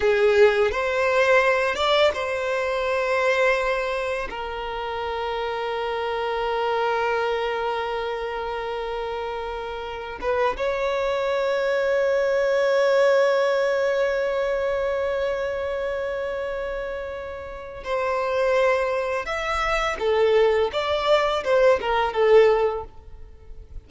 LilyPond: \new Staff \with { instrumentName = "violin" } { \time 4/4 \tempo 4 = 84 gis'4 c''4. d''8 c''4~ | c''2 ais'2~ | ais'1~ | ais'2~ ais'16 b'8 cis''4~ cis''16~ |
cis''1~ | cis''1~ | cis''4 c''2 e''4 | a'4 d''4 c''8 ais'8 a'4 | }